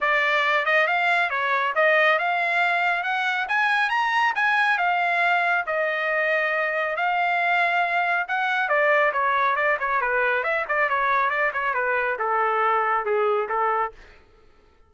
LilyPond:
\new Staff \with { instrumentName = "trumpet" } { \time 4/4 \tempo 4 = 138 d''4. dis''8 f''4 cis''4 | dis''4 f''2 fis''4 | gis''4 ais''4 gis''4 f''4~ | f''4 dis''2. |
f''2. fis''4 | d''4 cis''4 d''8 cis''8 b'4 | e''8 d''8 cis''4 d''8 cis''8 b'4 | a'2 gis'4 a'4 | }